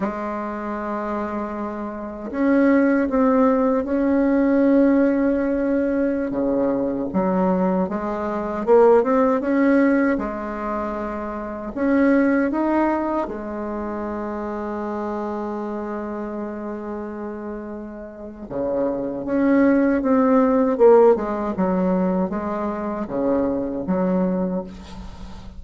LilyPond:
\new Staff \with { instrumentName = "bassoon" } { \time 4/4 \tempo 4 = 78 gis2. cis'4 | c'4 cis'2.~ | cis'16 cis4 fis4 gis4 ais8 c'16~ | c'16 cis'4 gis2 cis'8.~ |
cis'16 dis'4 gis2~ gis8.~ | gis1 | cis4 cis'4 c'4 ais8 gis8 | fis4 gis4 cis4 fis4 | }